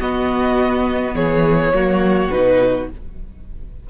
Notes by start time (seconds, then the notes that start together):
0.00 B3 F#4 D#5
1.15 E3 G#4 C#5
1.72 F#3 A#3 F#4
2.31 B2 D#4 B4